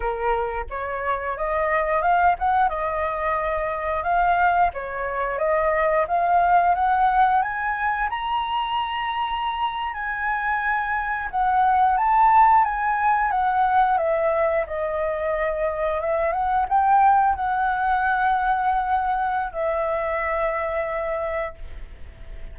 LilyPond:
\new Staff \with { instrumentName = "flute" } { \time 4/4 \tempo 4 = 89 ais'4 cis''4 dis''4 f''8 fis''8 | dis''2 f''4 cis''4 | dis''4 f''4 fis''4 gis''4 | ais''2~ ais''8. gis''4~ gis''16~ |
gis''8. fis''4 a''4 gis''4 fis''16~ | fis''8. e''4 dis''2 e''16~ | e''16 fis''8 g''4 fis''2~ fis''16~ | fis''4 e''2. | }